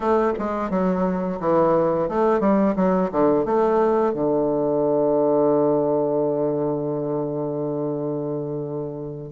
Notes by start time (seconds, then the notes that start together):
0.00 A3
0.38 G#3
0.70 F#3
1.40 E3
2.08 A3
2.40 G3
2.76 F#3
3.11 D3
3.45 A3
4.13 D3